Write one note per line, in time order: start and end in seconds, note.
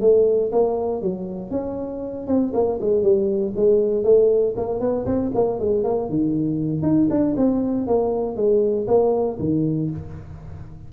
0.00 0.51 A3
0.51 1.01 A#3
1.01 1.50 F#3
1.50 2.27 C#4
2.27 2.52 C4
2.53 2.79 A#3
2.80 3.02 G#3
3.02 3.53 G3
3.56 4.03 G#3
4.03 4.54 A3
4.56 4.80 A#3
4.80 5.05 B3
5.05 5.31 C4
5.34 5.59 A#3
5.59 5.83 G#3
5.83 6.09 A#3
6.09 6.82 D#3
6.82 7.07 D#4
7.10 7.35 D4
7.36 7.87 C4
7.87 8.36 A#3
8.36 8.87 G#3
8.87 9.38 A#3
9.39 9.90 D#3